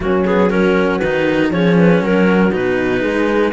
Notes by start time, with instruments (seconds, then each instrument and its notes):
0.00 cello F#3 A#3, horn C#4, clarinet F#4
0.25 cello B3, clarinet G#4
0.49 cello C#4, horn F#4, clarinet A#4
0.98 cello D#3 D#4, clarinet B4
1.50 cello F3 C#4, horn G#4, clarinet C#5
1.78 clarinet B4
2.01 cello F#3, horn F#4, clarinet A#4
2.51 cello B2 D#4, clarinet B4
3.01 cello G#3, horn G#4